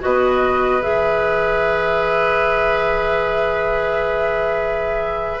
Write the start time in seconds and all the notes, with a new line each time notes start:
0.00 B2 F#4 B4 D#5
0.81 E3 G#4 E5